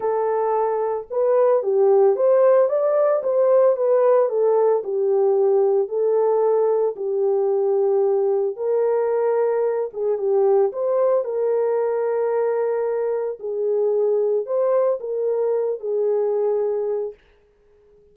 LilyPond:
\new Staff \with { instrumentName = "horn" } { \time 4/4 \tempo 4 = 112 a'2 b'4 g'4 | c''4 d''4 c''4 b'4 | a'4 g'2 a'4~ | a'4 g'2. |
ais'2~ ais'8 gis'8 g'4 | c''4 ais'2.~ | ais'4 gis'2 c''4 | ais'4. gis'2~ gis'8 | }